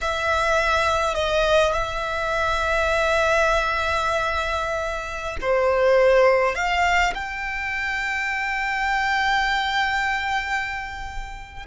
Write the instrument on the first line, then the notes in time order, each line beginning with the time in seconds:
violin
0.01 E5
1.14 D#5
1.72 E5
5.41 C5
6.55 F5
7.14 G5